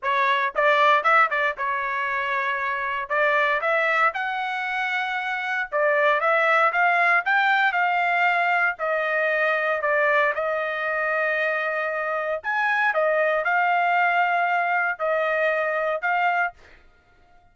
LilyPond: \new Staff \with { instrumentName = "trumpet" } { \time 4/4 \tempo 4 = 116 cis''4 d''4 e''8 d''8 cis''4~ | cis''2 d''4 e''4 | fis''2. d''4 | e''4 f''4 g''4 f''4~ |
f''4 dis''2 d''4 | dis''1 | gis''4 dis''4 f''2~ | f''4 dis''2 f''4 | }